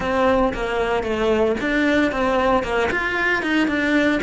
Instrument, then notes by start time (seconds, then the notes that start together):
cello
0.00 C4
0.53 A#3
1.03 A3
1.60 D4
2.11 C4
2.63 A#3
2.91 F4
3.42 D#4
3.67 D4